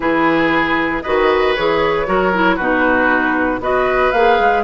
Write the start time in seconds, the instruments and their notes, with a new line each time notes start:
0.00 bassoon E3, clarinet E4, oboe G#4, flute B4
1.02 bassoon D#3, clarinet F#4, oboe B4, flute D#5
1.55 bassoon E3, clarinet G#4, flute C#5
2.06 bassoon F#3, clarinet F#4, oboe A#4
2.33 clarinet E4
2.56 bassoon B2, clarinet D#4, oboe F#4, flute B4
3.59 bassoon B3, clarinet F#4, oboe B4, flute D#5
4.11 bassoon A#3, clarinet G#4, flute F5
4.39 bassoon G#3